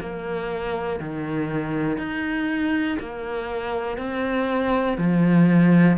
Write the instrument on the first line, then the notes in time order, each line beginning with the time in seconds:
cello
0.00 A#3
1.00 D#3
1.98 D#4
3.00 A#3
3.98 C4
4.98 F3